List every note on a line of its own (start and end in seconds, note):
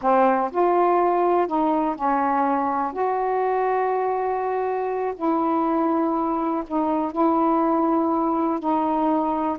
0.01 0.50 C4
0.51 1.47 F4
1.47 1.95 D#4
1.95 2.92 C#4
2.92 5.13 F#4
5.15 6.63 E4
6.67 7.12 D#4
7.12 8.59 E4
8.59 9.57 D#4